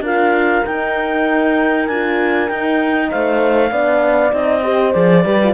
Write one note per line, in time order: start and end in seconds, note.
0.00 0.61 D4
0.00 0.65 F4
0.00 3.09 A#4
0.00 0.65 F5
0.65 1.87 D#4
0.65 1.88 D#4
0.65 1.87 G5
1.87 2.50 D4
1.87 2.49 F4
1.87 2.48 G#5
2.48 3.71 D#4
2.48 3.11 D#4
2.48 3.10 G5
3.10 3.71 A3
3.10 3.71 C5
3.10 4.33 F5
3.71 4.32 B3
3.71 4.30 D4
3.71 4.63 D5
4.30 4.93 C4
4.30 4.61 D#4
4.30 4.92 D#5
4.62 4.93 G4
4.62 5.24 C5
4.92 5.24 F3
4.92 5.23 G#4
4.92 5.53 D5
5.24 5.53 G3
5.24 5.39 G4
5.24 5.53 B4
5.43 5.53 F4